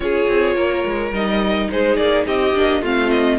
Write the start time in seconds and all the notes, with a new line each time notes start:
0.00 C#4 F4 G#4 C#5
0.27 C4
0.55 A#3 A#4
0.85 G#3
1.11 G3 D#4 D#5
1.70 G#3 G#4 C5
1.96 A#3 D5
2.26 C4 G4 D#5
2.54 A#3 D4
2.81 A3 C4 F4 F5
3.10 D#5